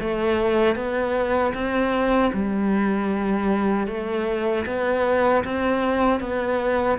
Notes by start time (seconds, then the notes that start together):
0.00 A3
0.75 B3
1.54 C4
2.33 G3
3.87 A3
4.66 B3
5.44 C4
6.21 B3